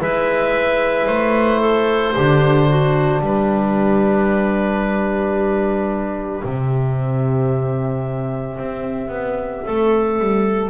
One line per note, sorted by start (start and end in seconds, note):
0.00 1.07 G#3
0.00 2.14 E4
0.00 1.60 B4
0.00 1.06 E5
1.06 2.15 A3
1.06 3.21 C5
1.60 2.14 A4
2.15 3.21 D3
2.15 6.43 D4
2.15 2.69 G4
2.69 3.21 F#4
3.21 6.42 G3
3.21 9.63 G4
3.21 6.45 B4
6.43 8.58 C3
6.43 10.70 C4
6.43 10.70 E5
8.58 9.08 C4
9.08 9.62 B3
9.65 10.19 A3
9.65 10.70 A4
10.19 10.70 G3